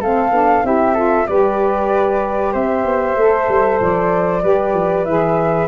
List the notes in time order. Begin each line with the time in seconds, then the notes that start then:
0.00 A3 C4 A4 F5
0.31 B3 D4
0.64 C4 E4 G4 E5
0.94 F4 A4
1.27 G3 G4 B4 D5
2.53 C4 C5 E5
2.85 B3
3.17 A3 A4
3.49 G3
3.81 F3 D5
4.42 G3 G4 B4
4.74 F3
5.05 E3 G#4 E5